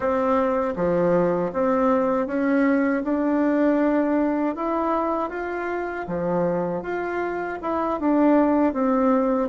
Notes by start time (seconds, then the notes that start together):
0.00 C4
0.76 F3
1.52 C4
2.26 C#4
3.04 D4
4.55 E4
5.29 F4
6.07 F3
6.82 F4
7.62 E4
8.00 D4
8.73 C4